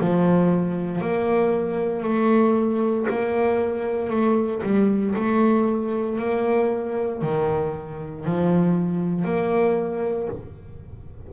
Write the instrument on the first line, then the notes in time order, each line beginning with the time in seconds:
double bass
0.00 F3
1.01 A#3
2.03 A3
3.09 A#3
4.10 A3
4.63 G3
5.15 A3
6.18 A#3
7.22 D#3
8.25 F3
9.24 A#3